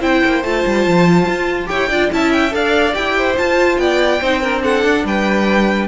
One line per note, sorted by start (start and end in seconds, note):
0.00 0.22 C4
0.00 0.42 E4
0.00 1.68 C5
0.00 0.43 G5
0.25 0.43 A#3
0.43 0.64 A3
0.43 1.67 F4
0.43 1.68 A5
0.66 0.87 G3
0.87 1.27 F3
1.27 1.69 F4
1.67 1.90 E4
1.67 1.87 G4
1.67 1.90 C#5
1.67 2.10 G5
1.90 2.11 D4
1.90 2.11 F4
1.90 2.10 D5
2.11 2.53 C#4
2.11 2.50 E4
2.11 2.55 E5
2.11 2.32 A5
2.32 2.53 G5
2.50 2.95 D4
2.50 2.92 A4
2.50 3.17 D5
2.50 2.94 F5
2.93 3.38 E4
2.93 3.35 G4
2.93 3.36 G5
3.17 3.80 C5
3.36 4.20 F4
3.36 3.78 F4
3.36 3.78 A5
3.78 4.20 B3
3.78 4.21 D5
3.78 4.62 G5
4.21 4.84 C4
4.21 4.43 D#4
4.21 4.41 C5
4.41 5.88 D4
4.41 4.62 A#4
4.63 5.05 A4
4.63 5.06 F#5
4.84 5.04 D4
5.04 5.88 G3
5.04 5.88 B4
5.04 5.88 G5